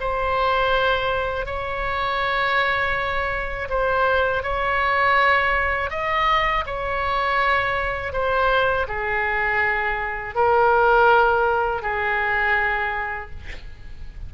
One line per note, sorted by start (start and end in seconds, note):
0.00 1.46 C5
1.46 3.68 C#5
3.69 4.43 C5
4.43 5.90 C#5
5.90 6.64 D#5
6.66 8.12 C#5
8.12 8.87 C5
8.88 10.35 G#4
10.35 11.82 A#4
11.82 13.30 G#4